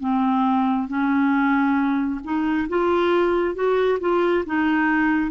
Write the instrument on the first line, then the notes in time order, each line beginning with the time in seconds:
clarinet
0.00 C4
0.88 C#4
2.24 D#4
2.69 F4
3.55 F#4
4.00 F4
4.46 D#4